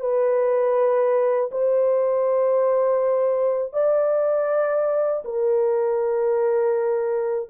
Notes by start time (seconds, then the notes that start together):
0.00 B4
1.51 C5
3.73 D5
5.24 A#4